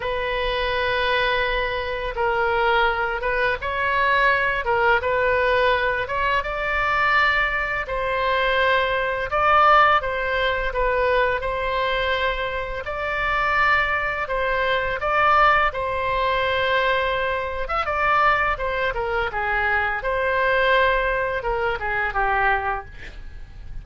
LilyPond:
\new Staff \with { instrumentName = "oboe" } { \time 4/4 \tempo 4 = 84 b'2. ais'4~ | ais'8 b'8 cis''4. ais'8 b'4~ | b'8 cis''8 d''2 c''4~ | c''4 d''4 c''4 b'4 |
c''2 d''2 | c''4 d''4 c''2~ | c''8. e''16 d''4 c''8 ais'8 gis'4 | c''2 ais'8 gis'8 g'4 | }